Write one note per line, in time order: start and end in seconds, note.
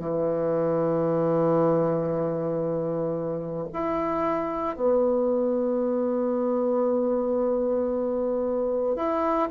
0.00 3.68 E3
3.73 4.76 E4
4.76 8.96 B3
8.96 9.49 E4